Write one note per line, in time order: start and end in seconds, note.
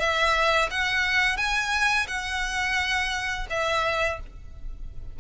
0.00 0.70 E5
0.71 1.37 F#5
1.37 2.07 G#5
2.08 3.47 F#5
3.50 4.20 E5